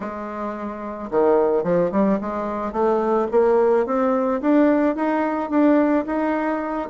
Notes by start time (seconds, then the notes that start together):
0.00 G#3
1.10 D#3
1.63 F3
1.91 G3
2.20 G#3
2.72 A3
3.31 A#3
3.85 C4
4.41 D4
4.95 D#4
5.49 D4
6.06 D#4